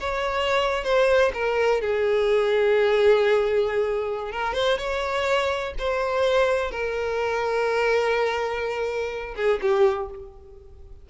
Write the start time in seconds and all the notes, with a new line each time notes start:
0.00 C#5
0.84 C5
1.34 A#4
1.81 G#4
4.32 A#4
4.54 C5
4.78 C#5
5.79 C5
6.71 A#4
9.36 G#4
9.62 G4